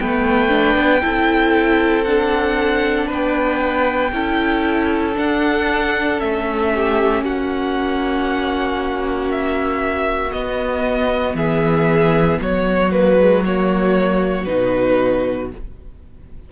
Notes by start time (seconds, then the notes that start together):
0.00 A3 B3 B4 G5
0.50 D4
0.76 B3
1.02 C4 E4 A4
2.05 D4 F#5
3.08 B3 B4 G5
4.13 C#4 E4 A4
5.15 D4 F#5
6.18 A3 C#4 E5
6.75 G4
7.22 A#3 F#4 F#5
9.32 E5
10.33 B3 D#5
11.35 E3 G#4 E5
12.41 F#3 F#4 C#5
12.92 A#3 B4
13.20 G#3
13.45 A#3 C#5
14.46 B2 D#4 B4